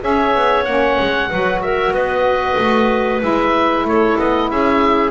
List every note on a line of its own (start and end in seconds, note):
0.00 0.35 C#4
0.00 0.64 G#4
0.00 1.30 C#5
0.00 0.64 E5
0.35 0.66 B3
0.64 0.98 A#3
0.64 1.30 C#4
0.64 1.60 F#5
1.00 1.32 G#3
1.30 1.91 F#3
1.30 3.19 F#4
1.30 1.62 B4
1.61 1.94 A#4
1.61 1.93 E5
1.91 2.55 B3
1.91 3.86 B4
1.91 3.22 D#5
2.58 3.21 A3
3.19 3.84 G#3
3.19 5.11 E4
3.19 3.87 E5
3.84 4.16 A3
3.84 4.50 A4
3.84 4.18 C#5
4.18 4.50 B3
4.18 4.50 D#5
4.50 5.11 C#4
4.50 5.11 G#4
4.50 5.11 E5